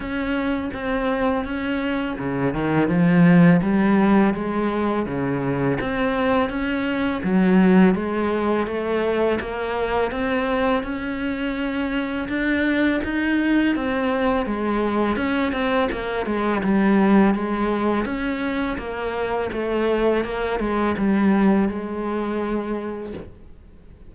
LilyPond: \new Staff \with { instrumentName = "cello" } { \time 4/4 \tempo 4 = 83 cis'4 c'4 cis'4 cis8 dis8 | f4 g4 gis4 cis4 | c'4 cis'4 fis4 gis4 | a4 ais4 c'4 cis'4~ |
cis'4 d'4 dis'4 c'4 | gis4 cis'8 c'8 ais8 gis8 g4 | gis4 cis'4 ais4 a4 | ais8 gis8 g4 gis2 | }